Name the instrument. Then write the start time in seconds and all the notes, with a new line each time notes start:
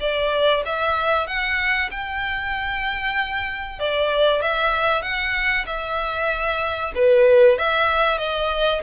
violin
0.00 D5
0.65 E5
1.27 F#5
1.91 G5
3.79 D5
4.42 E5
5.02 F#5
5.66 E5
6.95 B4
7.58 E5
8.18 D#5